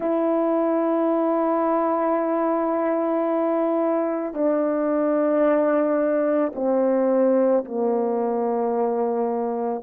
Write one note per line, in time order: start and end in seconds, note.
0.00 4.33 E4
4.33 6.52 D4
6.55 7.64 C4
7.65 9.82 A#3